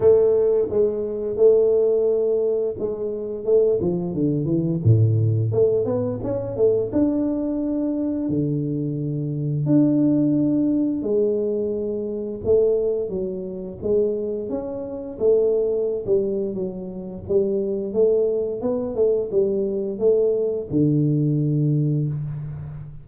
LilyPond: \new Staff \with { instrumentName = "tuba" } { \time 4/4 \tempo 4 = 87 a4 gis4 a2 | gis4 a8 f8 d8 e8 a,4 | a8 b8 cis'8 a8 d'2 | d2 d'2 |
gis2 a4 fis4 | gis4 cis'4 a4~ a16 g8. | fis4 g4 a4 b8 a8 | g4 a4 d2 | }